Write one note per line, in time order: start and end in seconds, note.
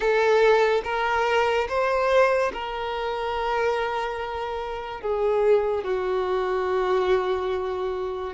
0.00 0.81 A4
0.84 1.67 A#4
1.68 2.52 C5
2.53 5.01 A#4
5.01 5.84 G#4
5.84 8.33 F#4